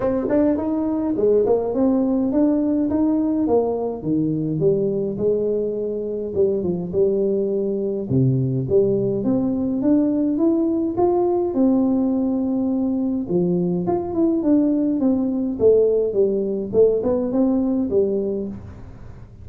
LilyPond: \new Staff \with { instrumentName = "tuba" } { \time 4/4 \tempo 4 = 104 c'8 d'8 dis'4 gis8 ais8 c'4 | d'4 dis'4 ais4 dis4 | g4 gis2 g8 f8 | g2 c4 g4 |
c'4 d'4 e'4 f'4 | c'2. f4 | f'8 e'8 d'4 c'4 a4 | g4 a8 b8 c'4 g4 | }